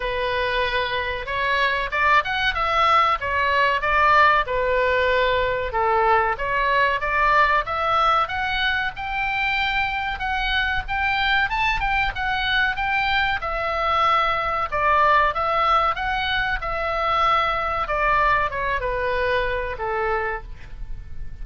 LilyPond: \new Staff \with { instrumentName = "oboe" } { \time 4/4 \tempo 4 = 94 b'2 cis''4 d''8 fis''8 | e''4 cis''4 d''4 b'4~ | b'4 a'4 cis''4 d''4 | e''4 fis''4 g''2 |
fis''4 g''4 a''8 g''8 fis''4 | g''4 e''2 d''4 | e''4 fis''4 e''2 | d''4 cis''8 b'4. a'4 | }